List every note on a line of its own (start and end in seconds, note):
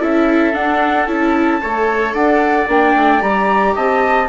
0.00 0.55 C#4
0.00 0.53 E4
0.00 1.61 A4
0.00 0.54 E5
0.53 1.07 D4
0.53 1.06 F#5
1.06 1.60 C#4
1.06 1.61 E4
1.06 2.13 A5
1.62 2.13 A3
1.62 2.69 A4
1.62 2.14 C#5
2.13 2.67 D4
2.13 3.75 D5
2.13 2.67 F#5
2.68 2.95 A#3
2.68 3.21 D4
2.68 3.22 G5
2.96 3.22 A3
3.21 3.75 G3
3.21 4.28 G4
3.21 3.75 A#5
3.75 4.29 C4
3.75 4.29 D#5
3.75 4.29 A5